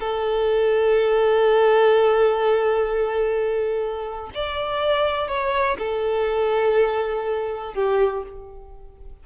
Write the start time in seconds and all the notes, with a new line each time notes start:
0.00 A4
4.35 D5
5.28 C#5
5.79 A4
7.74 G4